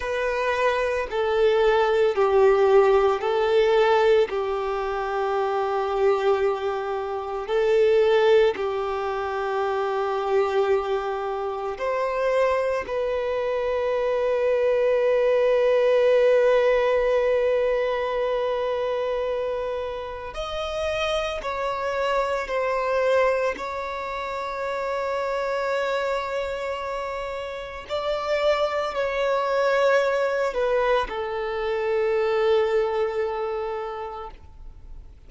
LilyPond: \new Staff \with { instrumentName = "violin" } { \time 4/4 \tempo 4 = 56 b'4 a'4 g'4 a'4 | g'2. a'4 | g'2. c''4 | b'1~ |
b'2. dis''4 | cis''4 c''4 cis''2~ | cis''2 d''4 cis''4~ | cis''8 b'8 a'2. | }